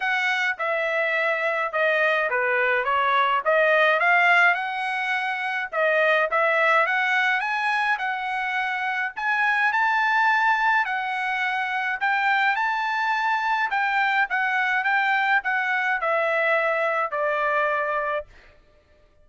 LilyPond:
\new Staff \with { instrumentName = "trumpet" } { \time 4/4 \tempo 4 = 105 fis''4 e''2 dis''4 | b'4 cis''4 dis''4 f''4 | fis''2 dis''4 e''4 | fis''4 gis''4 fis''2 |
gis''4 a''2 fis''4~ | fis''4 g''4 a''2 | g''4 fis''4 g''4 fis''4 | e''2 d''2 | }